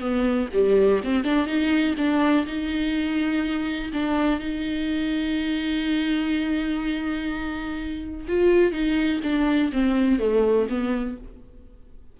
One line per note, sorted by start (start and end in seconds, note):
0.00 0.48 B3
0.53 1.01 G3
1.04 1.24 C4
1.24 1.46 D4
1.46 1.94 D#4
1.97 2.46 D4
2.46 3.91 D#4
3.93 4.39 D4
4.39 8.26 D#4
8.27 8.72 F4
8.72 9.20 D#4
9.23 9.71 D4
9.72 10.19 C4
10.19 10.67 A3
10.69 11.17 B3